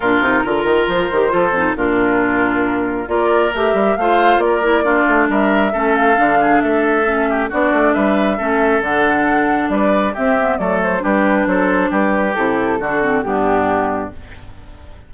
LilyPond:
<<
  \new Staff \with { instrumentName = "flute" } { \time 4/4 \tempo 4 = 136 ais'2 c''2 | ais'2. d''4 | e''4 f''4 d''2 | e''4. f''4. e''4~ |
e''4 d''4 e''2 | fis''2 d''4 e''4 | d''8 c''8 b'4 c''4 b'4 | a'2 g'2 | }
  \new Staff \with { instrumentName = "oboe" } { \time 4/4 f'4 ais'2 a'4 | f'2. ais'4~ | ais'4 c''4 ais'4 f'4 | ais'4 a'4. gis'8 a'4~ |
a'8 g'8 fis'4 b'4 a'4~ | a'2 b'4 g'4 | a'4 g'4 a'4 g'4~ | g'4 fis'4 d'2 | }
  \new Staff \with { instrumentName = "clarinet" } { \time 4/4 d'8 dis'8 f'4. g'8 f'8 dis'8 | d'2. f'4 | g'4 f'4. e'8 d'4~ | d'4 cis'4 d'2 |
cis'4 d'2 cis'4 | d'2. c'8 b8 | a4 d'2. | e'4 d'8 c'8 b2 | }
  \new Staff \with { instrumentName = "bassoon" } { \time 4/4 ais,8 c8 d8 dis8 f8 dis8 f8 f,8 | ais,2. ais4 | a8 g8 a4 ais4. a8 | g4 a4 d4 a4~ |
a4 b8 a8 g4 a4 | d2 g4 c'4 | fis4 g4 fis4 g4 | c4 d4 g,2 | }
>>